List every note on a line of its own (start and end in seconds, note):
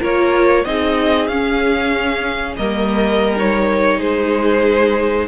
0.00 0.65 A#3
0.00 0.64 F4
0.00 0.64 A#4
0.00 0.64 C#5
0.64 1.28 C4
0.64 1.30 D#4
0.64 2.58 G#4
0.64 1.27 D#5
1.27 2.56 C#4
1.27 2.58 C#4
1.27 2.55 F5
2.56 4.00 G3
2.56 3.36 A#3
2.56 3.98 A#4
2.56 3.36 D#5
3.36 5.27 D#4
3.36 4.00 C#5
3.98 5.27 G#3
3.98 5.26 G#4
3.98 5.27 C5